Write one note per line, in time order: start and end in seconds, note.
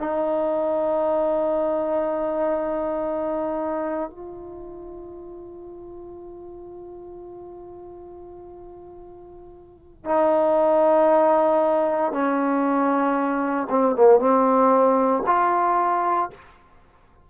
0.00 4.10 D#4
4.10 10.05 F4
10.05 12.12 D#4
12.12 13.67 C#4
13.70 13.96 C4
13.96 14.20 A#3
14.20 15.23 C4
15.27 16.30 F4